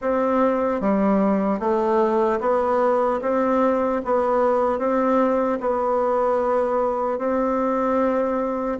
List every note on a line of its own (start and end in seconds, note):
0.01 0.80 C4
0.80 1.59 G3
1.59 2.39 A3
2.40 3.20 B3
3.21 4.01 C4
4.04 4.79 B3
4.79 5.59 C4
5.60 7.18 B3
7.18 8.78 C4